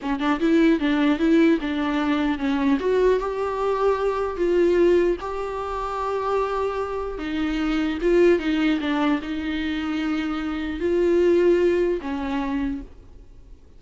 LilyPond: \new Staff \with { instrumentName = "viola" } { \time 4/4 \tempo 4 = 150 cis'8 d'8 e'4 d'4 e'4 | d'2 cis'4 fis'4 | g'2. f'4~ | f'4 g'2.~ |
g'2 dis'2 | f'4 dis'4 d'4 dis'4~ | dis'2. f'4~ | f'2 cis'2 | }